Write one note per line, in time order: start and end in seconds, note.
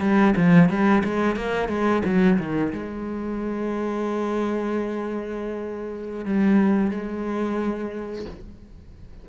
0.00 0.34 G3
0.36 0.69 F3
0.69 1.03 G3
1.04 1.36 G#3
1.36 1.68 A#3
1.68 2.02 G#3
2.04 2.38 F#3
2.38 2.72 D#3
2.72 6.25 G#3
6.25 6.90 G3
6.90 8.25 G#3